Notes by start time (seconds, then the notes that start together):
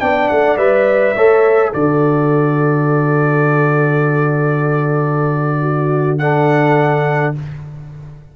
0.00 B3 D4 D5 G5
0.28 A3 F#5
0.57 G3 B4 E5
1.16 A3 A4 C#5
1.69 D3 F#4 A4 D5
5.62 F#4
6.18 D4 A4 F#5